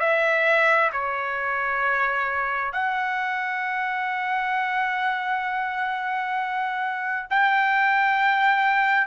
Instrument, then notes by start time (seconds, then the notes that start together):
trumpet
0.00 E5
0.92 C#5
2.73 F#5
7.30 G5